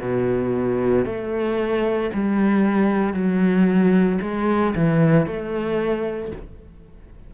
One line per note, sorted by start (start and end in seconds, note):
0.00 1.05 B2
1.05 2.10 A3
2.13 3.13 G3
3.13 4.19 F#3
4.22 4.74 G#3
4.75 5.26 E3
5.26 6.32 A3